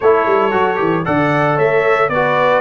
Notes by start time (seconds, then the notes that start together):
0.00 A3 E4 A4 C#5
0.26 G3
0.51 F#3 F#4
0.76 E3 G4
1.05 D3 A4 D5 F#5
1.56 A3 C#5 E5
2.09 B3 F#4 B4 D5